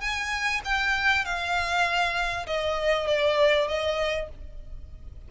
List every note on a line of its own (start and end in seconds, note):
0.00 0.61 G#5
0.64 1.25 G5
1.25 2.46 F5
2.46 3.07 D#5
3.07 3.67 D5
3.67 4.28 D#5